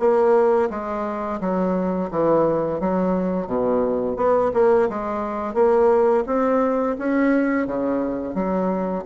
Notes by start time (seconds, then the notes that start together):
0.00 A#3
0.70 G#3
1.40 F#3
2.11 E3
2.80 F#3
3.47 B2
4.17 B3
4.54 A#3
4.90 G#3
5.55 A#3
6.27 C4
6.99 C#4
7.67 C#3
8.35 F#3